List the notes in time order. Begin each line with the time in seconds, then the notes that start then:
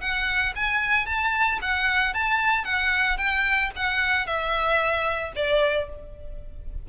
0.00 F#5
0.55 G#5
1.06 A5
1.61 F#5
2.14 A5
2.64 F#5
3.17 G5
3.76 F#5
4.26 E5
5.35 D5